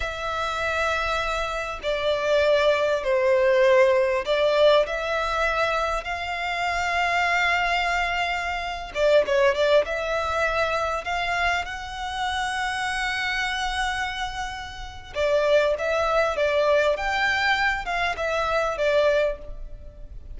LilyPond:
\new Staff \with { instrumentName = "violin" } { \time 4/4 \tempo 4 = 99 e''2. d''4~ | d''4 c''2 d''4 | e''2 f''2~ | f''2~ f''8. d''8 cis''8 d''16~ |
d''16 e''2 f''4 fis''8.~ | fis''1~ | fis''4 d''4 e''4 d''4 | g''4. f''8 e''4 d''4 | }